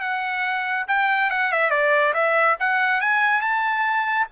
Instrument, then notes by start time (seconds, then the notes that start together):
trumpet
0.00 F#5
0.87 G5
1.30 F#5
1.52 E5
1.70 D5
2.13 E5
2.59 F#5
3.01 G#5
3.41 A5